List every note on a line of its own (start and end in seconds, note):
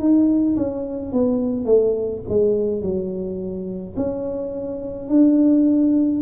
0.00 0.57 D#4
0.57 1.13 C#4
1.13 1.66 B3
1.66 2.22 A3
2.29 2.83 G#3
2.83 3.96 F#3
3.97 5.09 C#4
5.09 6.22 D4